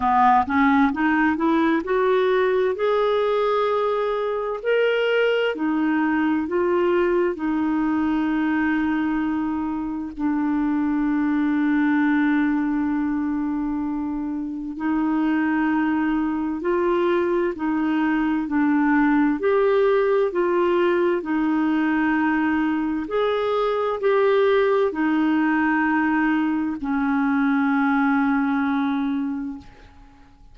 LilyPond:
\new Staff \with { instrumentName = "clarinet" } { \time 4/4 \tempo 4 = 65 b8 cis'8 dis'8 e'8 fis'4 gis'4~ | gis'4 ais'4 dis'4 f'4 | dis'2. d'4~ | d'1 |
dis'2 f'4 dis'4 | d'4 g'4 f'4 dis'4~ | dis'4 gis'4 g'4 dis'4~ | dis'4 cis'2. | }